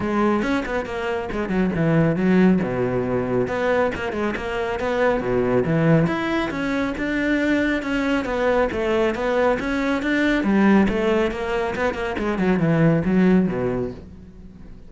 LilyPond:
\new Staff \with { instrumentName = "cello" } { \time 4/4 \tempo 4 = 138 gis4 cis'8 b8 ais4 gis8 fis8 | e4 fis4 b,2 | b4 ais8 gis8 ais4 b4 | b,4 e4 e'4 cis'4 |
d'2 cis'4 b4 | a4 b4 cis'4 d'4 | g4 a4 ais4 b8 ais8 | gis8 fis8 e4 fis4 b,4 | }